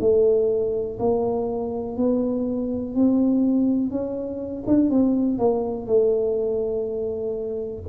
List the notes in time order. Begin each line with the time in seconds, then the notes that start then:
0.00 A3
0.99 A#3
1.97 B3
2.95 C4
3.90 C#4
4.67 D4
4.90 C4
5.38 A#3
5.87 A3